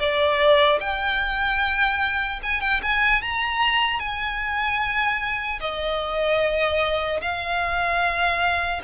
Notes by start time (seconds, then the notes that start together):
0.00 D5
0.81 G5
2.43 G#5
2.61 G5
2.83 G#5
3.23 A#5
4.00 G#5
5.61 D#5
7.22 F5